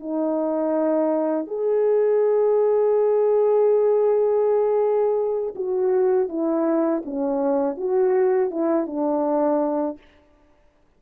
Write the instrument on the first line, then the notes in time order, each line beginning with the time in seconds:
horn
0.00 D#4
1.47 G#4
5.56 F#4
6.29 E4
7.05 C#4
7.77 F#4
8.51 E4
8.87 D4